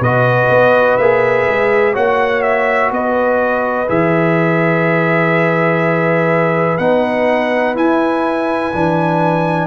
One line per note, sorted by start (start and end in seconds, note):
0.00 0.49 B2
0.00 1.01 F#4
0.00 1.93 B4
0.00 0.97 D#5
0.50 0.98 B3
0.97 1.47 A#3
0.97 1.94 G#4
0.97 1.94 E5
1.48 1.97 G#3
1.93 2.91 A#3
1.93 3.87 F#4
1.93 2.90 C#5
1.93 2.42 F#5
2.42 2.90 E5
2.91 3.88 B3
2.91 9.67 B4
2.91 3.90 D#5
3.88 6.79 E3
3.88 6.79 G#4
3.88 6.78 E5
6.78 7.76 B3
6.78 7.75 D#4
6.78 7.75 F#5
7.75 8.72 E4
7.75 8.73 E4
7.75 9.67 G#5
8.73 9.67 E3
8.73 9.67 D4